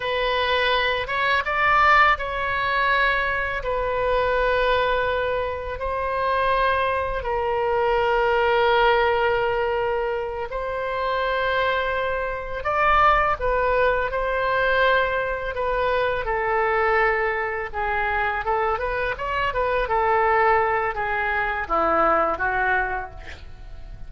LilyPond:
\new Staff \with { instrumentName = "oboe" } { \time 4/4 \tempo 4 = 83 b'4. cis''8 d''4 cis''4~ | cis''4 b'2. | c''2 ais'2~ | ais'2~ ais'8 c''4.~ |
c''4. d''4 b'4 c''8~ | c''4. b'4 a'4.~ | a'8 gis'4 a'8 b'8 cis''8 b'8 a'8~ | a'4 gis'4 e'4 fis'4 | }